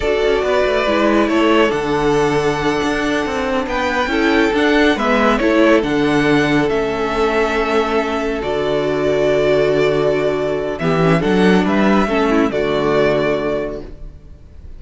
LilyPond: <<
  \new Staff \with { instrumentName = "violin" } { \time 4/4 \tempo 4 = 139 d''2. cis''4 | fis''1~ | fis''8 g''2 fis''4 e''8~ | e''8 cis''4 fis''2 e''8~ |
e''2.~ e''8 d''8~ | d''1~ | d''4 e''4 fis''4 e''4~ | e''4 d''2. | }
  \new Staff \with { instrumentName = "violin" } { \time 4/4 a'4 b'2 a'4~ | a'1~ | a'8 b'4 a'2 b'8~ | b'8 a'2.~ a'8~ |
a'1~ | a'1~ | a'4 g'4 a'4 b'4 | a'8 e'8 fis'2. | }
  \new Staff \with { instrumentName = "viola" } { \time 4/4 fis'2 e'2 | d'1~ | d'4. e'4 d'4 b8~ | b8 e'4 d'2 cis'8~ |
cis'2.~ cis'8 fis'8~ | fis'1~ | fis'4 b8 cis'8 d'2 | cis'4 a2. | }
  \new Staff \with { instrumentName = "cello" } { \time 4/4 d'8 cis'8 b8 a8 gis4 a4 | d2~ d8 d'4 c'8~ | c'8 b4 cis'4 d'4 gis8~ | gis8 a4 d2 a8~ |
a2.~ a8 d8~ | d1~ | d4 e4 fis4 g4 | a4 d2. | }
>>